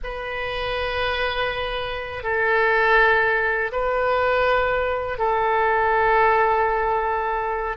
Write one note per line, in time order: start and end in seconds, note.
0.03 2.23 B4
2.23 3.71 A4
3.72 5.18 B4
5.18 7.76 A4